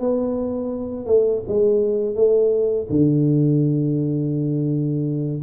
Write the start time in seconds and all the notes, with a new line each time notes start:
0.00 B3
1.06 A3
1.48 G#3
2.15 A3
2.89 D3